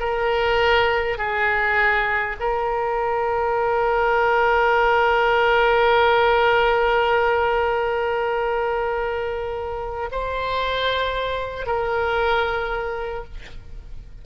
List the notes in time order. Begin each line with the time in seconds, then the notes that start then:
0.00 A#4
1.18 G#4
2.40 A#4
10.12 C5
11.67 A#4